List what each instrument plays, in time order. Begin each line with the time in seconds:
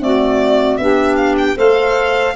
0.00 clarinet A3, tuba C4, saxophone F#4, violin D5
0.77 tuba B3, clarinet D4, saxophone G4, violin E5
1.16 violin F5
1.38 violin G5
1.56 tuba A3, clarinet A4, saxophone C5, violin F5